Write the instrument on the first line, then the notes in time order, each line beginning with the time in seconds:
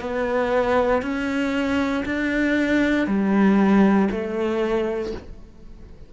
cello
0.00 B3
1.02 C#4
2.05 D4
3.07 G3
4.10 A3